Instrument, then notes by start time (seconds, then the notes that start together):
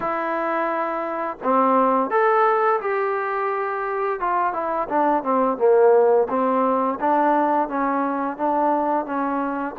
trombone
0.00 E4
1.43 C4
2.10 A4
2.80 G4
4.20 F4
4.53 E4
4.88 D4
5.23 C4
5.57 A#3
6.29 C4
7.00 D4
7.68 C#4
8.37 D4
9.05 C#4